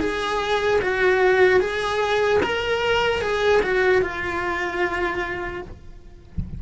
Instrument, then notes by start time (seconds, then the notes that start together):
cello
0.00 G#4
0.81 F#4
1.60 G#4
2.43 A#4
3.21 G#4
3.62 F#4
4.01 F4